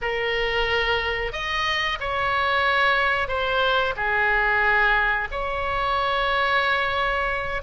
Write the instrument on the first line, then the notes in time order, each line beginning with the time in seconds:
oboe
0.01 A#4
1.32 D#5
2.00 C#5
3.28 C5
3.96 G#4
5.31 C#5